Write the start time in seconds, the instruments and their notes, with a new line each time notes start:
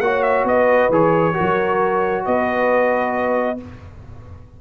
0.00 tuba A#3, trombone F#4, horn C#5, trumpet F#5
0.23 trumpet E5
0.44 tuba B3, horn B4, trumpet D#5
0.89 tuba E3, trombone G#4, trumpet C#5
1.34 trombone F#4, horn A#4
1.40 tuba F#3
2.25 tuba B3, horn B4, trumpet D#5